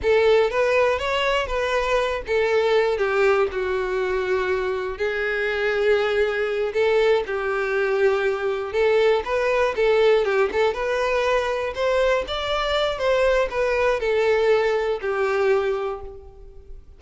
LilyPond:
\new Staff \with { instrumentName = "violin" } { \time 4/4 \tempo 4 = 120 a'4 b'4 cis''4 b'4~ | b'8 a'4. g'4 fis'4~ | fis'2 gis'2~ | gis'4. a'4 g'4.~ |
g'4. a'4 b'4 a'8~ | a'8 g'8 a'8 b'2 c''8~ | c''8 d''4. c''4 b'4 | a'2 g'2 | }